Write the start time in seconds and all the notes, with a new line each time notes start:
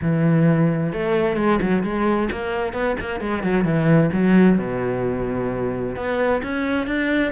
0.01 E3
0.92 A3
1.36 G#3
1.61 F#3
1.83 G#3
2.31 A#3
2.73 B3
3.00 A#3
3.20 G#3
3.43 F#3
3.64 E3
4.13 F#3
4.58 B2
5.95 B3
6.42 C#4
6.87 D4